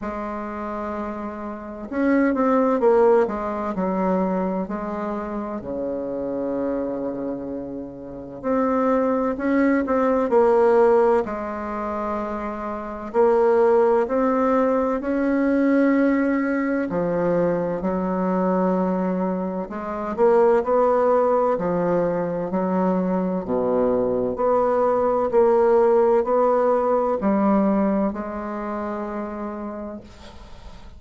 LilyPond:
\new Staff \with { instrumentName = "bassoon" } { \time 4/4 \tempo 4 = 64 gis2 cis'8 c'8 ais8 gis8 | fis4 gis4 cis2~ | cis4 c'4 cis'8 c'8 ais4 | gis2 ais4 c'4 |
cis'2 f4 fis4~ | fis4 gis8 ais8 b4 f4 | fis4 b,4 b4 ais4 | b4 g4 gis2 | }